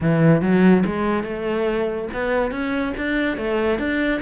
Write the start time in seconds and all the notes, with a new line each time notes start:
0.00 E3
0.41 F#3
0.85 G#3
1.23 A3
2.13 B3
2.51 C#4
2.97 D4
3.37 A3
3.78 D4